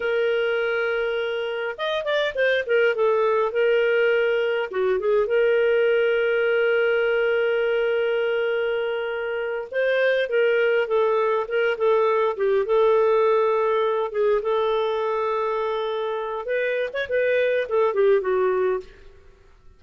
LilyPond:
\new Staff \with { instrumentName = "clarinet" } { \time 4/4 \tempo 4 = 102 ais'2. dis''8 d''8 | c''8 ais'8 a'4 ais'2 | fis'8 gis'8 ais'2.~ | ais'1~ |
ais'8 c''4 ais'4 a'4 ais'8 | a'4 g'8 a'2~ a'8 | gis'8 a'2.~ a'8 | b'8. cis''16 b'4 a'8 g'8 fis'4 | }